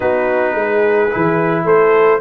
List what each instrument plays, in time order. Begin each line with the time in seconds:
0.00 tuba B3, trombone D#4, horn F#4, trumpet B4
0.54 tuba G#3, horn G#4
1.11 tuba E3, trombone E4
1.64 tuba A3, horn A4, trumpet C5